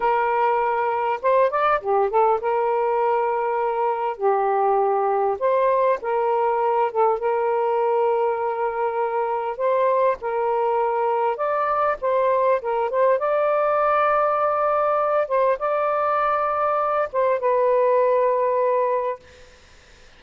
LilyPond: \new Staff \with { instrumentName = "saxophone" } { \time 4/4 \tempo 4 = 100 ais'2 c''8 d''8 g'8 a'8 | ais'2. g'4~ | g'4 c''4 ais'4. a'8 | ais'1 |
c''4 ais'2 d''4 | c''4 ais'8 c''8 d''2~ | d''4. c''8 d''2~ | d''8 c''8 b'2. | }